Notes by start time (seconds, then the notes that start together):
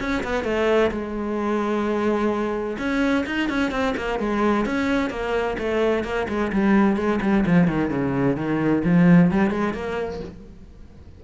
0.00 C#4
0.24 B3
0.44 A3
0.91 G#3
2.79 C#4
3.26 D#4
3.49 C#4
3.71 C4
3.97 A#3
4.19 G#3
4.66 C#4
5.10 A#3
5.59 A3
6.04 A#3
6.29 G#3
6.52 G3
6.97 G#3
7.22 G3
7.46 F3
7.68 D#3
7.90 C#3
8.36 D#3
8.85 F3
9.31 G3
9.51 G#3
9.74 A#3